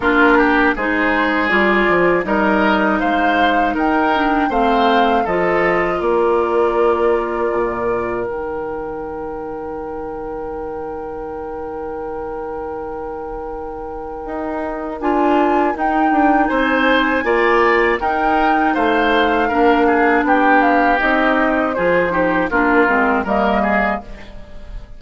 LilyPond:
<<
  \new Staff \with { instrumentName = "flute" } { \time 4/4 \tempo 4 = 80 ais'4 c''4 d''4 dis''4 | f''4 g''4 f''4 dis''4 | d''2. g''4~ | g''1~ |
g''1 | gis''4 g''4 gis''2 | g''4 f''2 g''8 f''8 | dis''4 c''4 ais'4 dis''4 | }
  \new Staff \with { instrumentName = "oboe" } { \time 4/4 f'8 g'8 gis'2 ais'4 | c''4 ais'4 c''4 a'4 | ais'1~ | ais'1~ |
ais'1~ | ais'2 c''4 d''4 | ais'4 c''4 ais'8 gis'8 g'4~ | g'4 gis'8 g'8 f'4 ais'8 gis'8 | }
  \new Staff \with { instrumentName = "clarinet" } { \time 4/4 d'4 dis'4 f'4 dis'4~ | dis'4. d'8 c'4 f'4~ | f'2. dis'4~ | dis'1~ |
dis'1 | f'4 dis'2 f'4 | dis'2 d'2 | dis'4 f'8 dis'8 d'8 c'8 ais4 | }
  \new Staff \with { instrumentName = "bassoon" } { \time 4/4 ais4 gis4 g8 f8 g4 | gis4 dis'4 a4 f4 | ais2 ais,4 dis4~ | dis1~ |
dis2. dis'4 | d'4 dis'8 d'8 c'4 ais4 | dis'4 a4 ais4 b4 | c'4 f4 ais8 gis8 g4 | }
>>